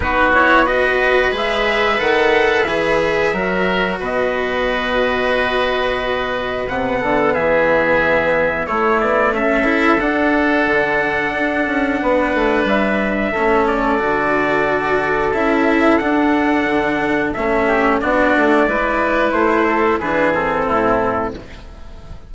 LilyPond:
<<
  \new Staff \with { instrumentName = "trumpet" } { \time 4/4 \tempo 4 = 90 b'8 cis''8 dis''4 e''4 fis''4 | e''2 dis''2~ | dis''2 fis''4 e''4~ | e''4 cis''8 d''8 e''4 fis''4~ |
fis''2. e''4~ | e''8 d''2~ d''8 e''4 | fis''2 e''4 d''4~ | d''4 c''4 b'8 a'4. | }
  \new Staff \with { instrumentName = "oboe" } { \time 4/4 fis'4 b'2.~ | b'4 ais'4 b'2~ | b'2~ b'8 a'8 gis'4~ | gis'4 e'4 a'2~ |
a'2 b'2 | a'1~ | a'2~ a'8 g'8 fis'4 | b'4. a'8 gis'4 e'4 | }
  \new Staff \with { instrumentName = "cello" } { \time 4/4 dis'8 e'8 fis'4 gis'4 a'4 | gis'4 fis'2.~ | fis'2 b2~ | b4 a4. e'8 d'4~ |
d'1 | cis'4 fis'2 e'4 | d'2 cis'4 d'4 | e'2 d'8 c'4. | }
  \new Staff \with { instrumentName = "bassoon" } { \time 4/4 b2 gis4 dis4 | e4 fis4 b,2~ | b,2 c8 d8 e4~ | e4 a8 b8 cis'4 d'4 |
d4 d'8 cis'8 b8 a8 g4 | a4 d2 cis'4 | d'4 d4 a4 b8 a8 | gis4 a4 e4 a,4 | }
>>